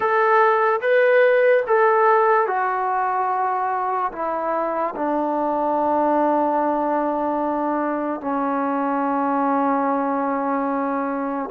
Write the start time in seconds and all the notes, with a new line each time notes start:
0.00 A4
0.81 B4
1.67 A4
2.47 F#4
4.12 E4
4.95 D4
8.20 C#4